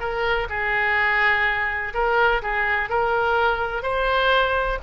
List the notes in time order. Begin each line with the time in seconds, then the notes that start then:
0.00 A#4
0.50 G#4
1.94 A#4
2.42 G#4
2.90 A#4
3.83 C5